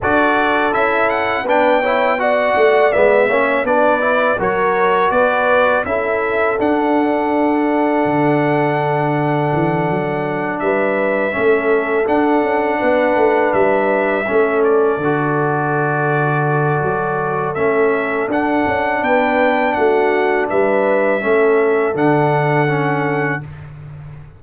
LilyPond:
<<
  \new Staff \with { instrumentName = "trumpet" } { \time 4/4 \tempo 4 = 82 d''4 e''8 fis''8 g''4 fis''4 | e''4 d''4 cis''4 d''4 | e''4 fis''2.~ | fis''2~ fis''8 e''4.~ |
e''8 fis''2 e''4. | d''1 | e''4 fis''4 g''4 fis''4 | e''2 fis''2 | }
  \new Staff \with { instrumentName = "horn" } { \time 4/4 a'2 b'8 cis''8 d''4~ | d''8 cis''8 b'4 ais'4 b'4 | a'1~ | a'2~ a'8 b'4 a'8~ |
a'4. b'2 a'8~ | a'1~ | a'2 b'4 fis'4 | b'4 a'2. | }
  \new Staff \with { instrumentName = "trombone" } { \time 4/4 fis'4 e'4 d'8 e'8 fis'4 | b8 cis'8 d'8 e'8 fis'2 | e'4 d'2.~ | d'2.~ d'8 cis'8~ |
cis'8 d'2. cis'8~ | cis'8 fis'2.~ fis'8 | cis'4 d'2.~ | d'4 cis'4 d'4 cis'4 | }
  \new Staff \with { instrumentName = "tuba" } { \time 4/4 d'4 cis'4 b4. a8 | gis8 ais8 b4 fis4 b4 | cis'4 d'2 d4~ | d4 e8 fis4 g4 a8~ |
a8 d'8 cis'8 b8 a8 g4 a8~ | a8 d2~ d8 fis4 | a4 d'8 cis'8 b4 a4 | g4 a4 d2 | }
>>